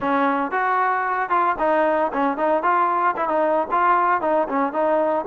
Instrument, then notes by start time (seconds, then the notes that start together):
trombone
0.00 C#4
0.51 F#4
1.29 F4
1.58 D#4
2.12 C#4
2.37 D#4
2.62 F4
3.16 E4
3.28 D#4
3.71 F4
4.21 D#4
4.48 C#4
4.72 D#4